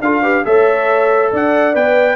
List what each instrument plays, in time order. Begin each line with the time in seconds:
0.00 tuba D4, trombone F4, horn A4, trumpet F5
0.22 trombone G4, horn B4
0.45 tuba A3, trombone A4, horn C#5, trumpet E5
1.31 tuba D4, horn D5, trumpet F#5
1.73 tuba B3, trombone B4, trumpet G5